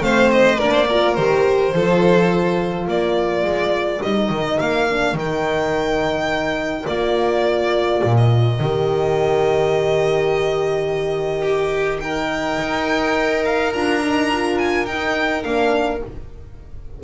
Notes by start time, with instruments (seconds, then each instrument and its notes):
0.00 double bass A3, horn C4, violin C5 F5
0.31 violin D#5
0.58 double bass A#3, horn D4, violin A#4 D5
0.71 violin C5
0.88 horn F4, violin A#4
1.14 double bass D#3, horn G4, violin C5
1.73 double bass F3, horn F4, violin A4
2.87 double bass A#3, violin A#4 D5
3.43 double bass G#3
4.02 double bass G3, horn D#4, violin D#5
4.29 double bass D#3
4.59 double bass A#3, violin F5
4.89 horn D4
5.13 double bass D#3, horn D#4, violin G5
6.86 double bass A#3, horn F4, violin D5
8.04 double bass A#2
8.17 violin D#5
8.59 double bass D#3, horn G4
11.41 violin G4
12.00 horn D#4, violin A#4 G5
12.60 double bass D#4
13.45 violin F5
13.72 double bass D4, horn F4, violin A#5
14.02 horn D#4
14.31 horn F4
14.58 violin G#5
14.85 double bass D#4, horn D#4, violin G5
15.43 double bass A#3, horn D4, violin F5